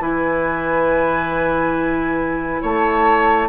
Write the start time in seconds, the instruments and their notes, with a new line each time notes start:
0.00 bassoon E3, clarinet E4, oboe B4, flute G#5
2.62 bassoon A3, oboe C#5, flute A5